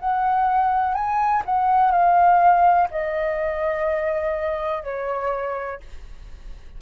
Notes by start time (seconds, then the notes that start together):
0.00 F#5
0.95 G#5
1.46 F#5
1.92 F5
2.91 D#5
4.84 C#5